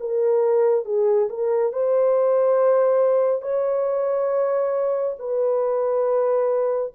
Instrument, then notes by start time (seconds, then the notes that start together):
horn
0.00 A#4
0.85 G#4
1.30 A#4
1.73 C5
3.42 C#5
5.19 B4